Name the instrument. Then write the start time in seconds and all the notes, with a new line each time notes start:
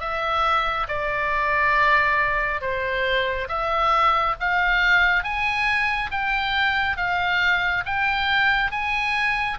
oboe
0.00 E5
0.88 D5
2.61 C5
3.48 E5
4.40 F5
5.24 G#5
6.11 G5
6.97 F5
7.85 G5
8.71 G#5